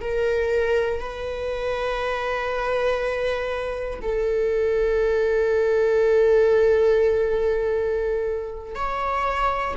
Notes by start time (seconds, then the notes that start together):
0.00 A#4
1.00 B4
4.01 A4
8.75 C#5